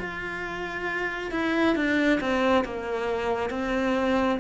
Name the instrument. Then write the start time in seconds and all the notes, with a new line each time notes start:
cello
0.00 F4
1.32 E4
1.76 D4
2.21 C4
2.65 A#3
3.51 C4